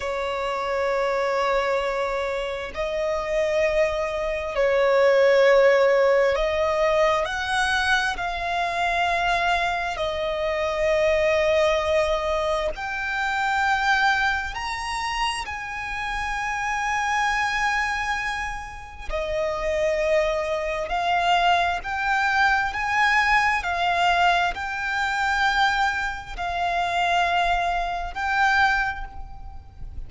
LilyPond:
\new Staff \with { instrumentName = "violin" } { \time 4/4 \tempo 4 = 66 cis''2. dis''4~ | dis''4 cis''2 dis''4 | fis''4 f''2 dis''4~ | dis''2 g''2 |
ais''4 gis''2.~ | gis''4 dis''2 f''4 | g''4 gis''4 f''4 g''4~ | g''4 f''2 g''4 | }